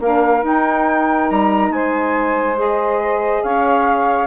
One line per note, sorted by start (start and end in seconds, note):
0.00 0.43 A#3
0.00 0.43 D4
0.00 1.73 A#4
0.00 0.45 F5
0.43 1.28 D#4
0.43 2.57 D#4
0.43 1.30 G5
1.30 1.70 G3
1.30 1.72 A#5
1.70 3.41 G#3
1.70 3.43 C5
1.70 2.58 G#5
2.57 4.27 G#4
2.57 3.43 D#5
3.43 4.27 C#4
3.43 4.27 C#5
3.43 4.27 F5